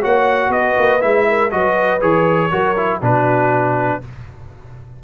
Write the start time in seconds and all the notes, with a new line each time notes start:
0.00 A#3 F#4 C#5 F#5
0.49 B3 B4 D#5
0.78 A#3
1.00 G#3 E4 E5
1.28 A#4
1.50 F#3 F#4 B4 D#5
2.00 E3 G#4 C#5
2.51 F#3 F#4 A#4
2.76 E4
2.99 B2 D4 F#4 B4